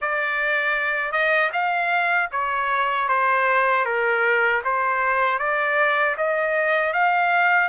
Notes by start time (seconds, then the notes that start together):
0.01 D5
1.12 D#5
1.52 F5
2.31 C#5
3.08 C5
3.85 A#4
4.64 C5
5.38 D5
6.17 D#5
6.93 F5